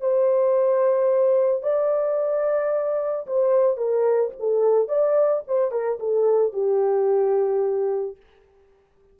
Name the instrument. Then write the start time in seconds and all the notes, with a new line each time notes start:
horn
0.00 C5
1.62 D5
3.26 C5
3.77 A#4
4.39 A4
4.88 D5
5.47 C5
5.71 A#4
5.99 A4
6.53 G4